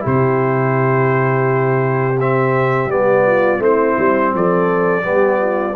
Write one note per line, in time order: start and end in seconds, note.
0.00 2.86 C3
0.00 2.14 E4
0.00 3.24 G4
0.07 2.20 C5
2.20 2.90 C4
2.20 2.91 E5
2.86 3.58 G3
2.86 3.59 B3
2.86 3.62 D5
3.26 3.62 F4
3.59 3.95 A3
3.59 5.02 C4
3.59 4.33 E4
3.59 4.35 C5
3.99 4.34 G3
4.34 5.05 F3
4.34 5.05 A4
4.34 5.76 D5
5.02 5.76 G3
5.02 5.74 B3
5.02 5.40 G4
5.40 5.76 F4